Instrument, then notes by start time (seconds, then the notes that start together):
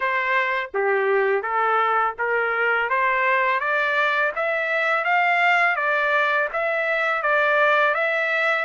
trumpet
0.00 C5
0.74 G4
1.42 A4
2.18 A#4
2.89 C5
3.59 D5
4.35 E5
5.04 F5
5.76 D5
6.52 E5
7.22 D5
7.94 E5